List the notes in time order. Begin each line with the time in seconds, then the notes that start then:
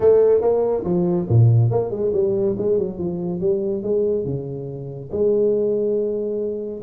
0.00 A3
0.41 A#3
0.83 F3
1.28 A#2
1.70 A#3
1.90 G#3
2.13 G3
2.58 G#3
2.78 F#3
2.98 F3
3.40 G3
3.82 G#3
4.25 C#3
5.11 G#3